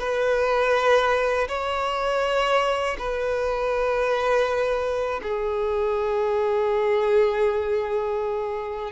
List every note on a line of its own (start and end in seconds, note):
0.00 1.48 B4
1.48 2.97 C#5
2.99 5.21 B4
5.23 8.92 G#4